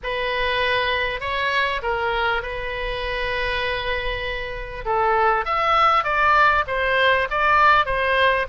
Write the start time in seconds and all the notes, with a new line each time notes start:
0.03 B4
1.20 C#5
1.82 A#4
2.42 B4
4.85 A4
5.45 E5
6.03 D5
6.67 C5
7.30 D5
7.85 C5